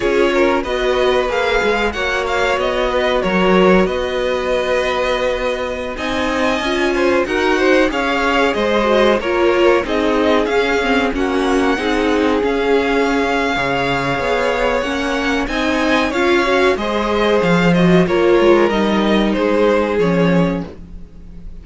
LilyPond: <<
  \new Staff \with { instrumentName = "violin" } { \time 4/4 \tempo 4 = 93 cis''4 dis''4 f''4 fis''8 f''8 | dis''4 cis''4 dis''2~ | dis''4~ dis''16 gis''2 fis''8.~ | fis''16 f''4 dis''4 cis''4 dis''8.~ |
dis''16 f''4 fis''2 f''8.~ | f''2. fis''4 | gis''4 f''4 dis''4 f''8 dis''8 | cis''4 dis''4 c''4 cis''4 | }
  \new Staff \with { instrumentName = "violin" } { \time 4/4 gis'8 ais'8 b'2 cis''4~ | cis''8 b'8 ais'4 b'2~ | b'4~ b'16 dis''4. c''8 ais'8 c''16~ | c''16 cis''4 c''4 ais'4 gis'8.~ |
gis'4~ gis'16 fis'4 gis'4.~ gis'16~ | gis'4 cis''2. | dis''4 cis''4 c''2 | ais'2 gis'2 | }
  \new Staff \with { instrumentName = "viola" } { \time 4/4 f'4 fis'4 gis'4 fis'4~ | fis'1~ | fis'4~ fis'16 dis'4 f'4 fis'8.~ | fis'16 gis'4. fis'8 f'4 dis'8.~ |
dis'16 cis'8 c'8 cis'4 dis'4 cis'8.~ | cis'4 gis'2 cis'4 | dis'4 f'8 fis'8 gis'4. fis'8 | f'4 dis'2 cis'4 | }
  \new Staff \with { instrumentName = "cello" } { \time 4/4 cis'4 b4 ais8 gis8 ais4 | b4 fis4 b2~ | b4~ b16 c'4 cis'4 dis'8.~ | dis'16 cis'4 gis4 ais4 c'8.~ |
c'16 cis'4 ais4 c'4 cis'8.~ | cis'4 cis4 b4 ais4 | c'4 cis'4 gis4 f4 | ais8 gis8 g4 gis4 f4 | }
>>